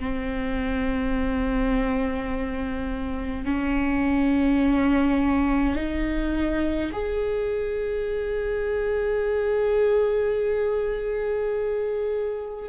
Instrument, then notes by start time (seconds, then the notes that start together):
viola
0.00 C4
3.46 C#4
5.76 D#4
6.93 G#4